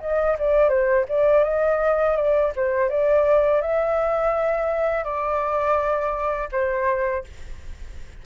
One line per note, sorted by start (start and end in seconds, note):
0.00 0.36 D#5
0.38 0.69 D5
0.69 1.05 C5
1.08 1.44 D5
1.44 2.16 D#5
2.16 2.52 D5
2.55 2.89 C5
2.89 3.61 D5
3.61 5.04 E5
5.04 6.48 D5
6.51 7.24 C5